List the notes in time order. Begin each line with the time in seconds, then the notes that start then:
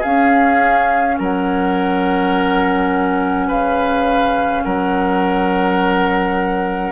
0.00 C#4 G#4 F5
1.19 F#3 A#4 F#5
3.48 C#3 B4 F5
4.63 F#3 A#4 F#5